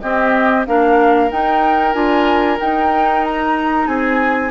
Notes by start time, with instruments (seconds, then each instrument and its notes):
0.00 bassoon C4, clarinet C4, oboe G4, flute D#5
0.66 bassoon A#3, clarinet D4, oboe A#4, flute F5
1.30 clarinet D#4, bassoon D#4, flute G5
1.93 bassoon D4, clarinet F4, flute G#5
2.59 clarinet D#4, bassoon D#4, flute G5
3.24 flute A#5
3.86 bassoon C4, oboe G#4, flute G#5